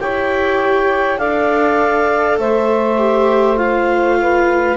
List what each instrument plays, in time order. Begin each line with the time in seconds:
0.00 double bass E4, viola G4, saxophone C#5, clarinet G5
1.18 double bass D4, viola A4, saxophone D5, clarinet F5
2.38 double bass A3, saxophone C5, clarinet E5
2.98 viola G4
3.56 viola F4, clarinet F5
4.21 saxophone B4